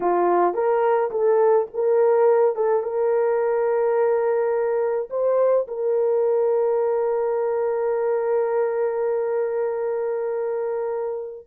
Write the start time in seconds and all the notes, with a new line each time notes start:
0.00 F4
0.54 A#4
1.10 A4
1.73 A#4
2.55 A4
2.83 A#4
5.10 C5
5.67 A#4